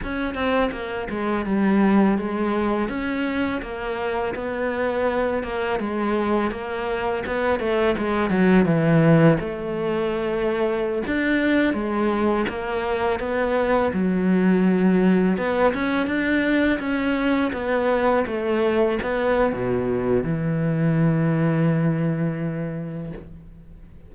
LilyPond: \new Staff \with { instrumentName = "cello" } { \time 4/4 \tempo 4 = 83 cis'8 c'8 ais8 gis8 g4 gis4 | cis'4 ais4 b4. ais8 | gis4 ais4 b8 a8 gis8 fis8 | e4 a2~ a16 d'8.~ |
d'16 gis4 ais4 b4 fis8.~ | fis4~ fis16 b8 cis'8 d'4 cis'8.~ | cis'16 b4 a4 b8. b,4 | e1 | }